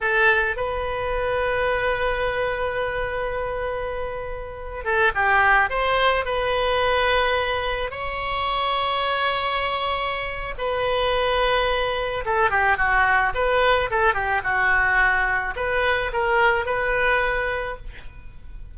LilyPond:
\new Staff \with { instrumentName = "oboe" } { \time 4/4 \tempo 4 = 108 a'4 b'2.~ | b'1~ | b'8. a'8 g'4 c''4 b'8.~ | b'2~ b'16 cis''4.~ cis''16~ |
cis''2. b'4~ | b'2 a'8 g'8 fis'4 | b'4 a'8 g'8 fis'2 | b'4 ais'4 b'2 | }